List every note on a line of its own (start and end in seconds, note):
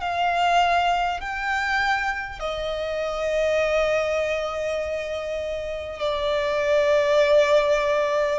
0.00 1.20 F5
1.20 2.39 G5
2.39 5.99 D#5
5.99 8.39 D5